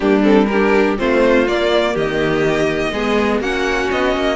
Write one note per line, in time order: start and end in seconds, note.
0.00 0.98 G3
0.00 0.23 A#3
0.00 0.47 D4
0.00 0.22 G4
0.23 0.47 C4
0.23 0.46 A4
0.46 0.97 D4
0.46 0.99 G4
0.46 0.95 A#4
0.97 1.47 A3
0.97 1.46 C4
0.97 1.93 F4
0.97 1.47 C5
1.47 1.96 A#3
1.47 2.93 A#3
1.47 1.96 D5
1.93 2.91 D#3
1.93 2.91 G4
1.93 3.41 D#5
2.91 3.40 G#3
2.91 3.42 B3
2.91 3.40 G#4
3.40 3.89 A#3
3.40 4.36 C#4
3.40 4.36 F#4
3.40 3.90 F#5
3.91 4.16 B3
3.91 4.36 D#5
4.16 4.36 A#3